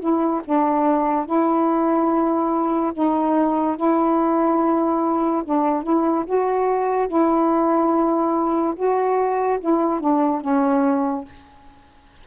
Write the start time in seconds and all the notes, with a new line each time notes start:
0.00 E4
0.45 D4
1.26 E4
2.94 D#4
3.77 E4
5.45 D4
5.83 E4
6.26 F#4
7.08 E4
8.76 F#4
9.60 E4
10.00 D4
10.41 C#4